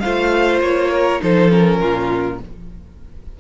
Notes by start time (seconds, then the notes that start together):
0.00 A3 F4 C5 F5
0.60 A#3 C#5
0.91 A#4
1.21 F3 D#4 A4 C5
1.50 C#4 A#4
1.80 A#2 F4